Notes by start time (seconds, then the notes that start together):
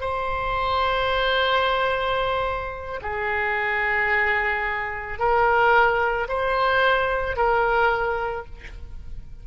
0.00 C5
3.01 G#4
5.18 A#4
6.28 C5
7.36 A#4